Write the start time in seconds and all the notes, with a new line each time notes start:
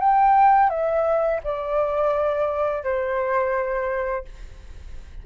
0.00 G5
0.70 E5
1.44 D5
2.84 C5